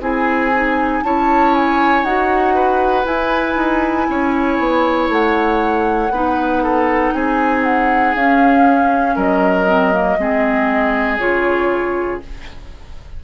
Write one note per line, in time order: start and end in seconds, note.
0.00 1.02 C4
0.00 0.51 E4
0.00 1.04 G#4
0.00 1.03 G#5
0.54 1.04 D#4
1.03 2.03 C#4
1.03 2.05 E4
1.03 2.55 C#5
1.03 1.54 A5
1.54 2.04 G#5
2.03 3.05 D#4
2.03 3.04 F#4
2.03 3.06 F#5
2.55 4.07 B4
3.04 6.09 E4
3.04 3.56 E4
3.04 5.09 G#5
3.56 4.07 D#4
4.09 4.58 C#4
4.09 6.13 C#5
4.58 5.09 B3
5.09 6.10 A3
5.09 7.15 F#5
6.10 7.12 B3
6.10 8.17 D#4
6.10 6.63 B4
6.63 7.14 A4
7.13 8.15 C4
7.13 9.15 G#4
7.13 7.64 G#5
7.64 8.15 F#5
8.15 9.16 C#4
8.15 9.67 C#4
8.15 9.16 F5
9.15 10.18 F#3
9.15 10.17 A#4
9.15 11.18 D#5
9.67 9.92 C4
9.92 10.18 A#3
10.18 11.19 G#3
10.18 11.19 C4
10.18 12.24 G#4
11.18 12.22 C#3
11.18 12.21 F4
11.18 12.20 C#5